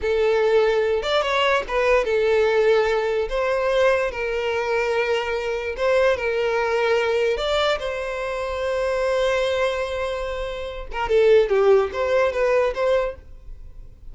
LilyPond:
\new Staff \with { instrumentName = "violin" } { \time 4/4 \tempo 4 = 146 a'2~ a'8 d''8 cis''4 | b'4 a'2. | c''2 ais'2~ | ais'2 c''4 ais'4~ |
ais'2 d''4 c''4~ | c''1~ | c''2~ c''8 ais'8 a'4 | g'4 c''4 b'4 c''4 | }